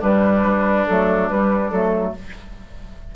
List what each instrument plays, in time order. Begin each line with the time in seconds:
0.00 bassoon G2, clarinet G3, oboe D4, flute B4
0.43 bassoon G3
0.86 bassoon F#3, clarinet A3, flute A4
1.29 bassoon G3, clarinet G3, flute B4
1.70 bassoon F#3, clarinet A3, flute A4